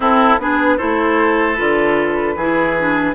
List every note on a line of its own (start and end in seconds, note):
0.00 0.38 C4
0.00 0.39 E4
0.00 0.40 A4
0.38 0.78 B3
0.38 0.78 D4
0.38 0.77 G#4
0.38 0.78 B4
0.77 1.59 A3
0.77 1.56 E4
0.77 2.35 A4
0.77 1.55 C5
1.55 2.36 D3
1.55 2.35 F4
1.55 3.13 B4
2.36 3.14 E3
2.36 2.79 E4
2.36 3.14 G#4
2.79 3.14 D4